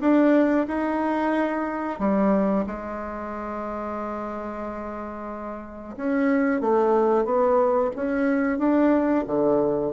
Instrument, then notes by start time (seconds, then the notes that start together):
bassoon
0.00 D4
0.67 D#4
1.99 G3
2.66 G#3
5.96 C#4
6.61 A3
7.24 B3
7.95 C#4
8.58 D4
9.26 D3